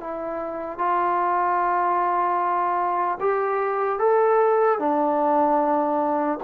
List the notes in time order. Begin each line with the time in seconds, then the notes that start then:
0.00 E4
0.78 F4
3.20 G4
3.99 A4
4.79 D4